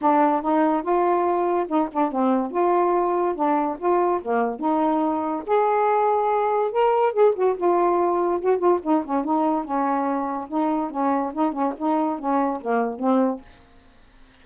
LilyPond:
\new Staff \with { instrumentName = "saxophone" } { \time 4/4 \tempo 4 = 143 d'4 dis'4 f'2 | dis'8 d'8 c'4 f'2 | d'4 f'4 ais4 dis'4~ | dis'4 gis'2. |
ais'4 gis'8 fis'8 f'2 | fis'8 f'8 dis'8 cis'8 dis'4 cis'4~ | cis'4 dis'4 cis'4 dis'8 cis'8 | dis'4 cis'4 ais4 c'4 | }